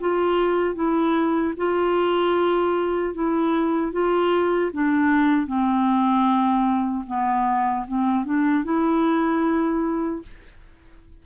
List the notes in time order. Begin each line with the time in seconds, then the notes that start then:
0.00 F4
0.75 E4
1.57 F4
3.14 E4
3.92 F4
4.73 D4
5.47 C4
7.07 B3
7.87 C4
8.25 D4
8.64 E4